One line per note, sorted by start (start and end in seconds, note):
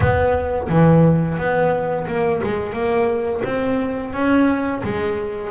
0.00 0.68 B3
0.69 1.37 E3
1.37 2.06 B3
2.07 2.41 A#3
2.43 2.72 G#3
2.72 3.41 A#3
3.44 4.13 C4
4.13 4.82 C#4
4.83 5.50 G#3